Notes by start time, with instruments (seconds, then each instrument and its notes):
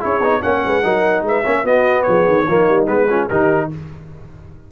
0.00 tuba C#4, trombone E4, horn G#4, trumpet C#5
0.20 tuba B3, trombone D#4
0.42 tuba A#3, trombone C#4, horn C#5, trumpet F#5
0.65 tuba G#3, horn B4
0.83 tuba F#3, trombone D#4, horn A#4
1.22 tuba G#3, horn B4, trumpet E5
1.43 tuba A#3, trombone C#4, horn C#5
1.64 trombone B3, tuba B3, horn F#4, trumpet D#5
2.02 tuba F3, horn G#4, trumpet C#5
2.28 tuba D#3
2.47 tuba F3, trombone A#3, horn D#4
2.69 tuba G3
2.87 tuba G#3, trombone B3, trumpet B4
3.09 trombone C#4, horn F4
3.28 tuba D#3, trombone D#4, horn G4, trumpet A#4